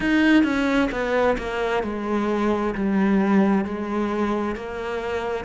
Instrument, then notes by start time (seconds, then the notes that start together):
cello
0.00 D#4
0.43 C#4
0.91 B3
1.38 A#3
1.83 G#3
2.74 G3
3.64 G#3
4.55 A#3